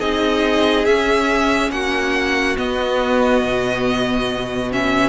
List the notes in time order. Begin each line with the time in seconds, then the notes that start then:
0.00 C4 D#4 G#4 D#5
0.85 C#4 E5
1.71 A#3 F#4 F#5
2.57 B3 D#5
3.43 B2
4.72 C#4 E5